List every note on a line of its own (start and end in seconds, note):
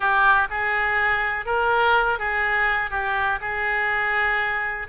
0.00 0.48 G4
0.50 1.45 G#4
1.45 2.18 A#4
2.18 2.90 G#4
2.90 3.39 G4
3.41 4.87 G#4